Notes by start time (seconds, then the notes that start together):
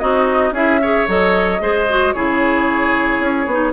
0.00 C4 D#4 F#4 D#5
0.52 C#4 E4 G#4 E5
0.82 G#4 C#5
1.08 F#3 A4 D#5
1.60 G#3 G#4 C5
1.89 F#4
2.13 C#3 E4 G#4 C#5
3.20 C#4
3.47 B3 D#4